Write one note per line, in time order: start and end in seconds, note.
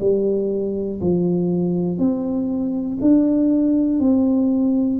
0.00 1.00 G3
1.00 1.98 F3
1.98 2.98 C4
3.00 4.00 D4
4.00 5.00 C4